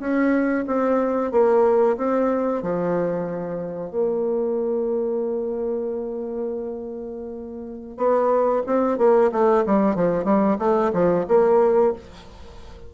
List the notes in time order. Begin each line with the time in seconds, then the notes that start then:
0.00 C#4
0.67 C4
1.32 A#3
1.97 C4
2.63 F3
3.91 A#3
7.98 B3
8.67 C4
8.99 A#3
9.32 A3
9.66 G3
9.95 F3
10.25 G3
10.59 A3
10.94 F3
11.28 A#3